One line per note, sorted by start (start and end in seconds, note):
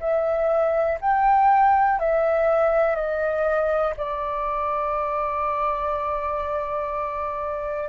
0.00 0.98 E5
1.01 2.00 G5
2.00 2.96 E5
2.96 3.94 D#5
3.97 7.90 D5